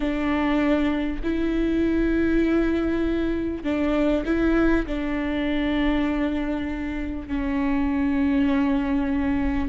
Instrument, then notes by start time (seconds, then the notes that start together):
viola
0.00 D4
1.23 E4
3.63 D4
4.25 E4
4.86 D4
7.28 C#4